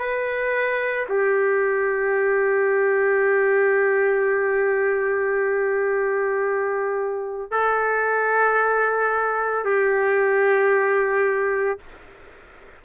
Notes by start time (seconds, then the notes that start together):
0.00 B4
1.09 G4
7.52 A4
9.65 G4